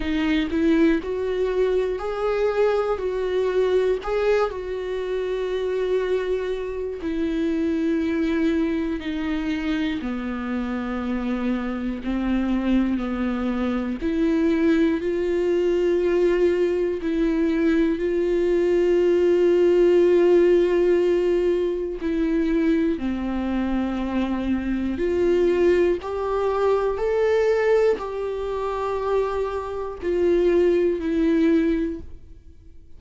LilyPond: \new Staff \with { instrumentName = "viola" } { \time 4/4 \tempo 4 = 60 dis'8 e'8 fis'4 gis'4 fis'4 | gis'8 fis'2~ fis'8 e'4~ | e'4 dis'4 b2 | c'4 b4 e'4 f'4~ |
f'4 e'4 f'2~ | f'2 e'4 c'4~ | c'4 f'4 g'4 a'4 | g'2 f'4 e'4 | }